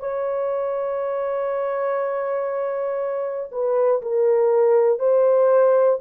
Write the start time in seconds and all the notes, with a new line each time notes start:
0.00 C#5
3.52 B4
4.02 A#4
5.00 C5